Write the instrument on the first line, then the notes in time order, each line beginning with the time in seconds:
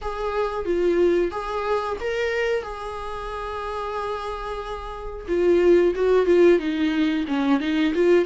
viola
0.01 G#4
0.65 F4
1.31 G#4
2.00 A#4
2.62 G#4
5.28 F4
5.95 F#4
6.26 F4
6.59 D#4
7.27 C#4
7.60 D#4
7.94 F4